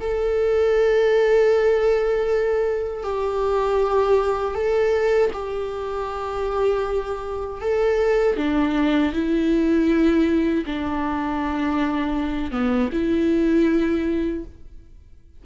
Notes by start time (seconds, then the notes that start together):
0.00 A4
3.03 G4
4.54 A4
5.33 G4
7.61 A4
8.36 D4
9.12 E4
10.66 D4
12.51 B3
12.92 E4